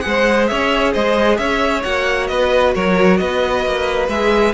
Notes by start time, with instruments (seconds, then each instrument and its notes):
0.00 cello G#3, viola G#4, violin C5 F#5
0.47 cello C#4, violin C#5 E5
0.92 cello G#3, violin C5 D#5
1.37 cello C#4, violin C#5 E5
1.83 cello A#3, viola F#4, violin F#5
2.27 cello B3, violin B4 D#5
2.74 cello F#3, violin A#4 C#5
3.17 cello B3, violin B4 D#5
3.65 cello A#3
4.08 cello G#3, viola G#4, violin E5